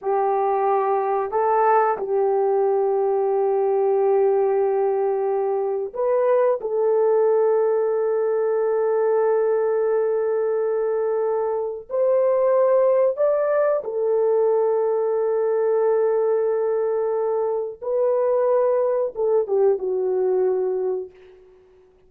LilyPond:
\new Staff \with { instrumentName = "horn" } { \time 4/4 \tempo 4 = 91 g'2 a'4 g'4~ | g'1~ | g'4 b'4 a'2~ | a'1~ |
a'2 c''2 | d''4 a'2.~ | a'2. b'4~ | b'4 a'8 g'8 fis'2 | }